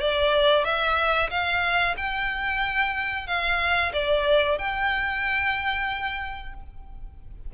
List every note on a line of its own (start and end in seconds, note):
0.00 0.64 D5
0.64 1.30 E5
1.30 1.95 F5
1.97 3.27 G5
3.27 3.92 F5
3.93 4.58 D5
4.58 6.54 G5